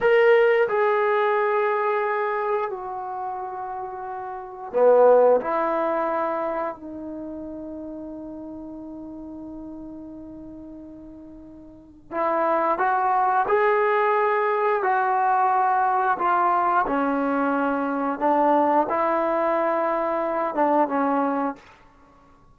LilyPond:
\new Staff \with { instrumentName = "trombone" } { \time 4/4 \tempo 4 = 89 ais'4 gis'2. | fis'2. b4 | e'2 dis'2~ | dis'1~ |
dis'2 e'4 fis'4 | gis'2 fis'2 | f'4 cis'2 d'4 | e'2~ e'8 d'8 cis'4 | }